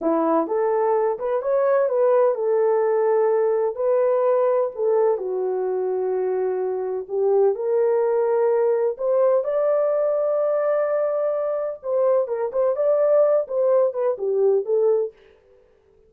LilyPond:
\new Staff \with { instrumentName = "horn" } { \time 4/4 \tempo 4 = 127 e'4 a'4. b'8 cis''4 | b'4 a'2. | b'2 a'4 fis'4~ | fis'2. g'4 |
ais'2. c''4 | d''1~ | d''4 c''4 ais'8 c''8 d''4~ | d''8 c''4 b'8 g'4 a'4 | }